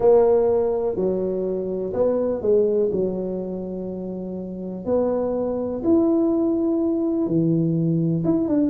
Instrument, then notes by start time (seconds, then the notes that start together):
tuba
0.00 A#3
0.96 F#3
1.93 B3
2.41 G#3
2.92 F#3
4.85 B3
5.84 E4
7.26 E3
8.24 E4
8.48 D4